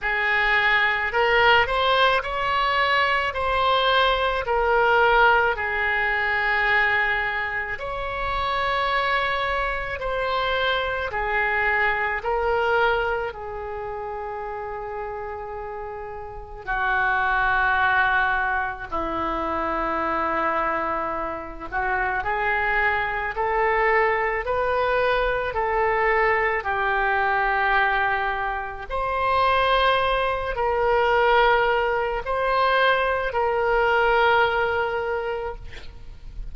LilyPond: \new Staff \with { instrumentName = "oboe" } { \time 4/4 \tempo 4 = 54 gis'4 ais'8 c''8 cis''4 c''4 | ais'4 gis'2 cis''4~ | cis''4 c''4 gis'4 ais'4 | gis'2. fis'4~ |
fis'4 e'2~ e'8 fis'8 | gis'4 a'4 b'4 a'4 | g'2 c''4. ais'8~ | ais'4 c''4 ais'2 | }